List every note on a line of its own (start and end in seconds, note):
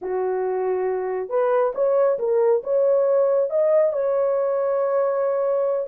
0.01 1.29 F#4
1.29 1.73 B4
1.75 2.18 C#5
2.19 2.62 A#4
2.63 3.50 C#5
3.50 3.92 D#5
3.92 5.87 C#5